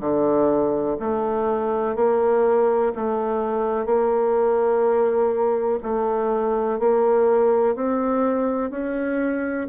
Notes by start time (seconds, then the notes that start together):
0.00 D3
0.99 A3
1.95 A#3
2.95 A3
3.85 A#3
5.82 A3
6.79 A#3
7.75 C4
8.70 C#4